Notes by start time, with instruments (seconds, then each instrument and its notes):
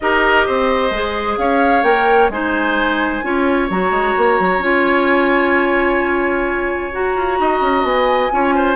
0.00 bassoon D#4, clarinet G4, oboe A#4, flute D#5
0.46 bassoon C4, oboe C5
0.90 bassoon G#3, clarinet G#4
1.37 bassoon C#4, oboe C#5, flute F5
1.83 bassoon A#3, clarinet A#4, flute G5
2.29 bassoon G#3, clarinet D#4, oboe C5, flute G#5
3.22 bassoon C#4, clarinet F4, oboe C#5
3.70 bassoon F#3, clarinet F#4, flute A#5
3.90 bassoon G#3
4.17 bassoon A#3
4.39 bassoon F#3
4.58 bassoon C#4, clarinet F4, flute G#5
6.92 clarinet F#4, bassoon F#4, flute A#5
7.15 bassoon F4
7.39 bassoon D#4, oboe D#5
7.61 bassoon C#4
7.83 bassoon B3, flute G#5
8.31 bassoon C#4, clarinet F4, oboe C#5
8.55 oboe C5